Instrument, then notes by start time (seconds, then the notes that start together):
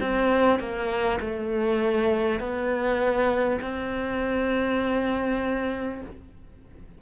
cello
0.00 C4
0.59 A#3
1.21 A3
2.39 B3
3.62 C4